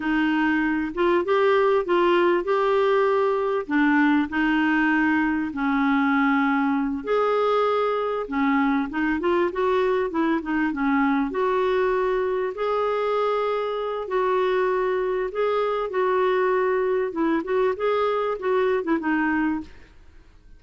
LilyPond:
\new Staff \with { instrumentName = "clarinet" } { \time 4/4 \tempo 4 = 98 dis'4. f'8 g'4 f'4 | g'2 d'4 dis'4~ | dis'4 cis'2~ cis'8 gis'8~ | gis'4. cis'4 dis'8 f'8 fis'8~ |
fis'8 e'8 dis'8 cis'4 fis'4.~ | fis'8 gis'2~ gis'8 fis'4~ | fis'4 gis'4 fis'2 | e'8 fis'8 gis'4 fis'8. e'16 dis'4 | }